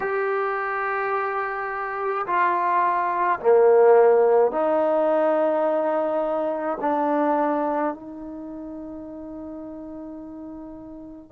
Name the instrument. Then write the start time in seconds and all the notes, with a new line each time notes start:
trombone
0.00 G4
2.26 F4
3.40 A#3
4.51 D#4
6.80 D4
7.93 D#4